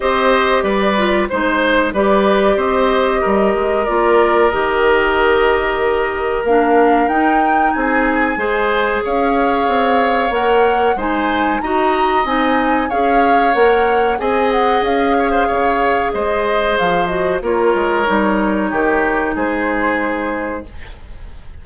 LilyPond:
<<
  \new Staff \with { instrumentName = "flute" } { \time 4/4 \tempo 4 = 93 dis''4 d''4 c''4 d''4 | dis''2 d''4 dis''4~ | dis''2 f''4 g''4 | gis''2 f''2 |
fis''4 gis''4 ais''4 gis''4 | f''4 fis''4 gis''8 fis''8 f''4~ | f''4 dis''4 f''8 dis''8 cis''4~ | cis''2 c''2 | }
  \new Staff \with { instrumentName = "oboe" } { \time 4/4 c''4 b'4 c''4 b'4 | c''4 ais'2.~ | ais'1 | gis'4 c''4 cis''2~ |
cis''4 c''4 dis''2 | cis''2 dis''4. cis''16 c''16 | cis''4 c''2 ais'4~ | ais'4 g'4 gis'2 | }
  \new Staff \with { instrumentName = "clarinet" } { \time 4/4 g'4. f'8 dis'4 g'4~ | g'2 f'4 g'4~ | g'2 d'4 dis'4~ | dis'4 gis'2. |
ais'4 dis'4 fis'4 dis'4 | gis'4 ais'4 gis'2~ | gis'2~ gis'8 fis'8 f'4 | dis'1 | }
  \new Staff \with { instrumentName = "bassoon" } { \time 4/4 c'4 g4 gis4 g4 | c'4 g8 gis8 ais4 dis4~ | dis2 ais4 dis'4 | c'4 gis4 cis'4 c'4 |
ais4 gis4 dis'4 c'4 | cis'4 ais4 c'4 cis'4 | cis4 gis4 f4 ais8 gis8 | g4 dis4 gis2 | }
>>